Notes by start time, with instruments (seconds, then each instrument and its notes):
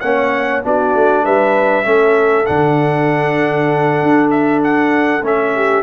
0.00 tuba A#3, trombone C#4, horn C#5, trumpet F#5
0.63 tuba B3, trombone D4, horn F#4, trumpet D5
0.94 tuba A3
1.24 tuba G3, horn B4, trumpet E5
1.84 tuba A3, trombone C#4, horn A4
2.46 tuba D3, trombone D4, trumpet F#5
4.02 tuba D4
4.30 trumpet E5
4.64 trumpet F#5
5.22 tuba A3, trombone C#4, trumpet E5
5.55 horn G4